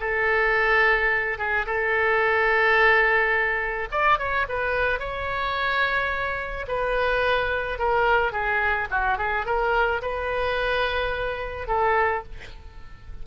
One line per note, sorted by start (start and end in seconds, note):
0.00 1.38 A4
1.38 1.65 G#4
1.66 3.88 A4
3.91 4.18 D5
4.18 4.46 C#5
4.48 4.99 B4
4.99 6.66 C#5
6.67 7.78 B4
7.78 8.32 A#4
8.32 8.87 G#4
8.90 9.17 F#4
9.17 9.45 G#4
9.45 10.01 A#4
10.01 11.67 B4
11.67 12.22 A4